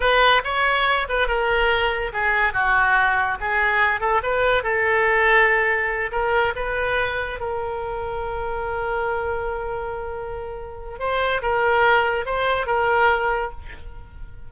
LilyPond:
\new Staff \with { instrumentName = "oboe" } { \time 4/4 \tempo 4 = 142 b'4 cis''4. b'8 ais'4~ | ais'4 gis'4 fis'2 | gis'4. a'8 b'4 a'4~ | a'2~ a'8 ais'4 b'8~ |
b'4. ais'2~ ais'8~ | ais'1~ | ais'2 c''4 ais'4~ | ais'4 c''4 ais'2 | }